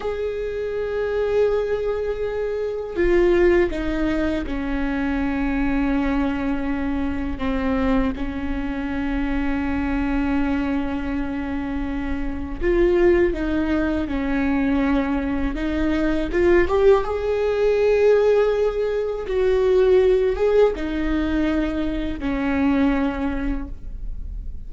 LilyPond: \new Staff \with { instrumentName = "viola" } { \time 4/4 \tempo 4 = 81 gis'1 | f'4 dis'4 cis'2~ | cis'2 c'4 cis'4~ | cis'1~ |
cis'4 f'4 dis'4 cis'4~ | cis'4 dis'4 f'8 g'8 gis'4~ | gis'2 fis'4. gis'8 | dis'2 cis'2 | }